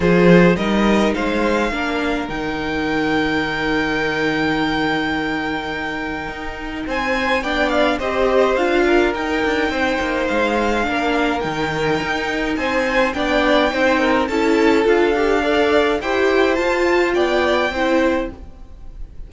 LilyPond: <<
  \new Staff \with { instrumentName = "violin" } { \time 4/4 \tempo 4 = 105 c''4 dis''4 f''2 | g''1~ | g''1 | gis''4 g''8 f''8 dis''4 f''4 |
g''2 f''2 | g''2 gis''4 g''4~ | g''4 a''4 f''2 | g''4 a''4 g''2 | }
  \new Staff \with { instrumentName = "violin" } { \time 4/4 gis'4 ais'4 c''4 ais'4~ | ais'1~ | ais'1 | c''4 d''4 c''4. ais'8~ |
ais'4 c''2 ais'4~ | ais'2 c''4 d''4 | c''8 ais'8 a'2 d''4 | c''2 d''4 c''4 | }
  \new Staff \with { instrumentName = "viola" } { \time 4/4 f'4 dis'2 d'4 | dis'1~ | dis'1~ | dis'4 d'4 g'4 f'4 |
dis'2. d'4 | dis'2. d'4 | dis'4 e'4 f'8 g'8 a'4 | g'4 f'2 e'4 | }
  \new Staff \with { instrumentName = "cello" } { \time 4/4 f4 g4 gis4 ais4 | dis1~ | dis2. dis'4 | c'4 b4 c'4 d'4 |
dis'8 d'8 c'8 ais8 gis4 ais4 | dis4 dis'4 c'4 b4 | c'4 cis'4 d'2 | e'4 f'4 b4 c'4 | }
>>